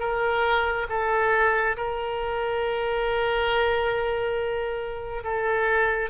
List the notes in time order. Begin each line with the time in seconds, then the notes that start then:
0.00 A#4
0.89 A4
1.77 A#4
5.24 A4